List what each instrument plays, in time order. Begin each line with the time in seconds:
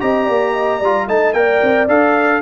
0.00 tuba C4, trombone G4, horn D#5, trumpet A#5
0.25 tuba A#3, horn D5
0.53 horn D#5
0.79 tuba G3, trombone F4, horn D5
1.07 tuba A3, trombone D#4, horn D#5, trumpet A5
1.33 tuba A#3, trombone A#4, horn D5, trumpet G5
1.62 tuba C4
1.88 tuba D4, trombone A4, trumpet F5